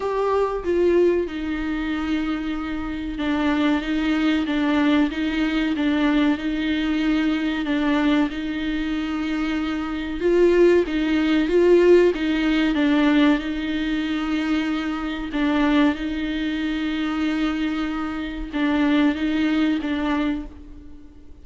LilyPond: \new Staff \with { instrumentName = "viola" } { \time 4/4 \tempo 4 = 94 g'4 f'4 dis'2~ | dis'4 d'4 dis'4 d'4 | dis'4 d'4 dis'2 | d'4 dis'2. |
f'4 dis'4 f'4 dis'4 | d'4 dis'2. | d'4 dis'2.~ | dis'4 d'4 dis'4 d'4 | }